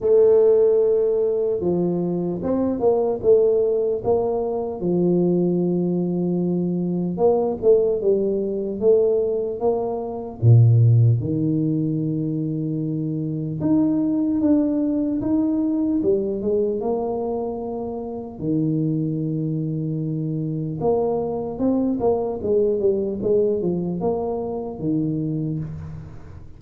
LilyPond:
\new Staff \with { instrumentName = "tuba" } { \time 4/4 \tempo 4 = 75 a2 f4 c'8 ais8 | a4 ais4 f2~ | f4 ais8 a8 g4 a4 | ais4 ais,4 dis2~ |
dis4 dis'4 d'4 dis'4 | g8 gis8 ais2 dis4~ | dis2 ais4 c'8 ais8 | gis8 g8 gis8 f8 ais4 dis4 | }